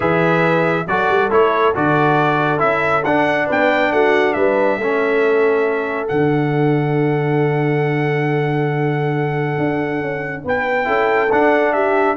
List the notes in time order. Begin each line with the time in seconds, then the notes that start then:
0.00 E3 G#4 B4 E5
0.87 F#3 F#4 A4 D5
1.08 G3
1.30 A3 E4 C#5
1.74 D3 F#4 D5
2.58 C#4 E4 E5
3.04 D4 F#5
3.46 B3 B4 G5
3.91 A3 F#4 F#5
4.33 G3 B4 E5
4.77 A3 C#4 A4
6.07 D3 D4 F#5
9.57 D4
10.00 C#4
10.44 B3 B4 G5
10.84 C#4 E4 A4
11.31 D4 F#5
11.72 G4 E5